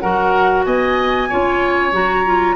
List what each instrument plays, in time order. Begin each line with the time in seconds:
0.00 tuba F#3, clarinet F#4, oboe A#4, flute F#5
0.65 tuba B3, oboe D#5, flute G#5
1.29 tuba C#4, clarinet F4, oboe C#5
1.93 tuba F#3, clarinet F#4, flute A#5
2.26 clarinet F4